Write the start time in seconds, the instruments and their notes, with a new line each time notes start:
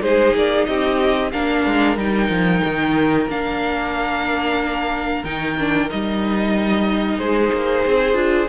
0.00 cello G#3, viola D#4, violin G#4 C5
0.35 cello A#3, violin D5
0.65 cello C4, violin G4 D#5
1.32 cello A#3, viola D4, violin A#4 F5
1.65 cello G#3
1.96 cello G3, viola D#4, violin G5
2.29 cello F3
2.64 cello D#3
3.27 cello A#3, viola D4, violin F5
5.24 cello D#3, viola D#4, violin G5
5.59 viola D4
5.89 cello G3, viola D#4, violin D#5
7.18 cello G#3, violin G#4 C5
7.52 cello A#3
7.85 cello C4
8.13 cello D4, viola F4